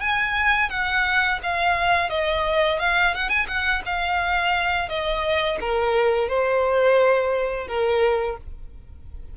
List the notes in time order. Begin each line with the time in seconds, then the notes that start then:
0.00 G#5
0.69 F#5
1.43 F5
2.10 D#5
2.79 F5
3.14 F#5
3.29 G#5
3.48 F#5
3.86 F5
4.89 D#5
5.60 A#4
6.28 C5
7.67 A#4